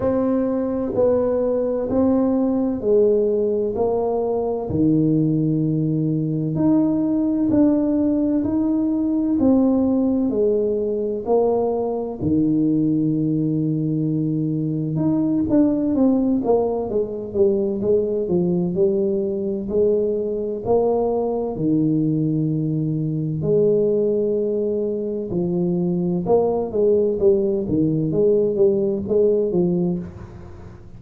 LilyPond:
\new Staff \with { instrumentName = "tuba" } { \time 4/4 \tempo 4 = 64 c'4 b4 c'4 gis4 | ais4 dis2 dis'4 | d'4 dis'4 c'4 gis4 | ais4 dis2. |
dis'8 d'8 c'8 ais8 gis8 g8 gis8 f8 | g4 gis4 ais4 dis4~ | dis4 gis2 f4 | ais8 gis8 g8 dis8 gis8 g8 gis8 f8 | }